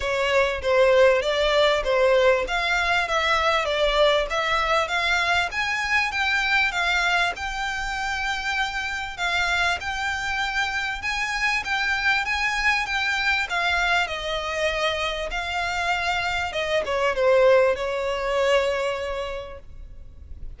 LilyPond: \new Staff \with { instrumentName = "violin" } { \time 4/4 \tempo 4 = 98 cis''4 c''4 d''4 c''4 | f''4 e''4 d''4 e''4 | f''4 gis''4 g''4 f''4 | g''2. f''4 |
g''2 gis''4 g''4 | gis''4 g''4 f''4 dis''4~ | dis''4 f''2 dis''8 cis''8 | c''4 cis''2. | }